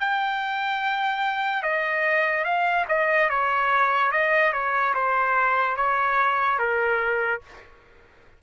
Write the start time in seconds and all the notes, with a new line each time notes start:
0.00 G5
1.63 D#5
2.44 F5
2.88 D#5
3.30 C#5
4.12 D#5
4.53 C#5
4.94 C5
5.76 C#5
6.59 A#4